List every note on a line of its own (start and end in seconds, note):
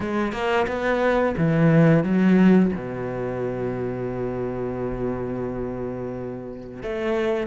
0.00 0.32 G#3
0.32 0.66 A#3
0.67 1.35 B3
1.37 2.03 E3
2.03 2.71 F#3
2.75 6.82 B2
6.82 7.47 A3